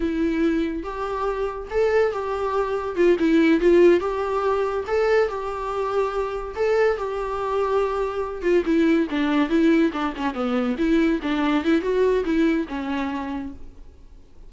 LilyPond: \new Staff \with { instrumentName = "viola" } { \time 4/4 \tempo 4 = 142 e'2 g'2 | a'4 g'2 f'8 e'8~ | e'8 f'4 g'2 a'8~ | a'8 g'2. a'8~ |
a'8 g'2.~ g'8 | f'8 e'4 d'4 e'4 d'8 | cis'8 b4 e'4 d'4 e'8 | fis'4 e'4 cis'2 | }